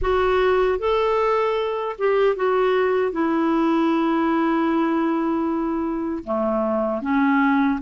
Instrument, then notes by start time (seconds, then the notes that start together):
clarinet
0.01 F#4
0.79 A4
1.98 G4
2.36 F#4
3.12 E4
6.24 A3
7.01 C#4